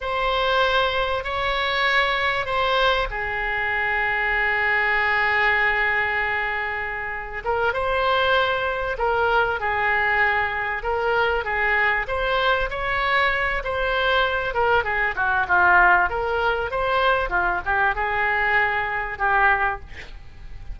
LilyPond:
\new Staff \with { instrumentName = "oboe" } { \time 4/4 \tempo 4 = 97 c''2 cis''2 | c''4 gis'2.~ | gis'1 | ais'8 c''2 ais'4 gis'8~ |
gis'4. ais'4 gis'4 c''8~ | c''8 cis''4. c''4. ais'8 | gis'8 fis'8 f'4 ais'4 c''4 | f'8 g'8 gis'2 g'4 | }